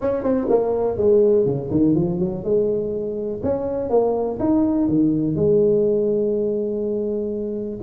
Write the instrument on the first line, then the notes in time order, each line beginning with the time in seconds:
tuba
0.01 C#4
0.23 C4
0.49 A#3
0.97 G#3
1.45 C#3
1.70 D#3
1.95 F3
2.19 F#3
2.44 G#3
3.43 C#4
3.89 A#3
4.39 D#4
4.88 D#3
5.35 G#3